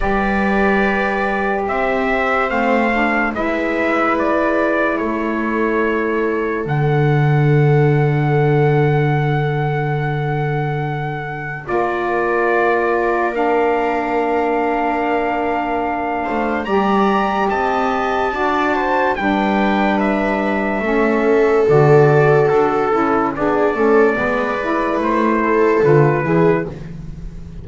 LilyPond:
<<
  \new Staff \with { instrumentName = "trumpet" } { \time 4/4 \tempo 4 = 72 d''2 e''4 f''4 | e''4 d''4 cis''2 | fis''1~ | fis''2 d''2 |
f''1 | ais''4 a''2 g''4 | e''2 d''4 a'4 | d''2 c''4 b'4 | }
  \new Staff \with { instrumentName = "viola" } { \time 4/4 b'2 c''2 | b'2 a'2~ | a'1~ | a'2 ais'2~ |
ais'2.~ ais'8 c''8 | d''4 dis''4 d''8 c''8 b'4~ | b'4 a'2. | gis'8 a'8 b'4. a'4 gis'8 | }
  \new Staff \with { instrumentName = "saxophone" } { \time 4/4 g'2. c'8 d'8 | e'1 | d'1~ | d'2 f'2 |
d'1 | g'2 fis'4 d'4~ | d'4 cis'4 fis'4. e'8 | d'8 cis'8 b8 e'4. f'8 e'8 | }
  \new Staff \with { instrumentName = "double bass" } { \time 4/4 g2 c'4 a4 | gis2 a2 | d1~ | d2 ais2~ |
ais2.~ ais8 a8 | g4 c'4 d'4 g4~ | g4 a4 d4 d'8 cis'8 | b8 a8 gis4 a4 d8 e8 | }
>>